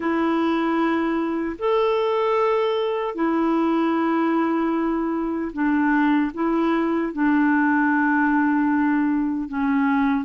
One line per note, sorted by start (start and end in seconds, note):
0.00 1.56 E4
1.58 3.14 A4
3.14 5.51 E4
5.52 6.31 D4
6.34 7.13 E4
7.13 9.48 D4
9.48 10.25 C#4